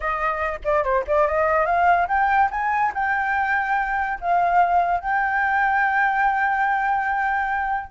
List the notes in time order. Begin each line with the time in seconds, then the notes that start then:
0.00 D#5
0.64 D5
0.83 C5
1.07 D5
1.27 D#5
1.66 F5
2.08 G5
2.51 G#5
2.94 G5
4.20 F5
5.00 G5